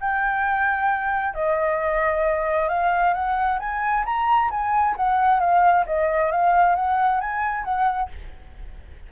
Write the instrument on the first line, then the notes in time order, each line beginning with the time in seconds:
flute
0.00 G5
1.34 D#5
2.68 F5
3.14 F#5
3.59 G#5
4.05 A#5
4.50 G#5
4.96 F#5
5.40 F5
5.86 D#5
6.31 F5
6.75 F#5
7.21 G#5
7.64 F#5